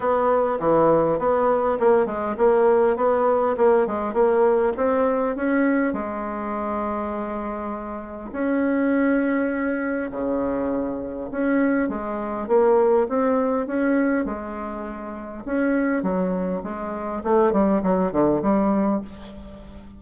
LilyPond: \new Staff \with { instrumentName = "bassoon" } { \time 4/4 \tempo 4 = 101 b4 e4 b4 ais8 gis8 | ais4 b4 ais8 gis8 ais4 | c'4 cis'4 gis2~ | gis2 cis'2~ |
cis'4 cis2 cis'4 | gis4 ais4 c'4 cis'4 | gis2 cis'4 fis4 | gis4 a8 g8 fis8 d8 g4 | }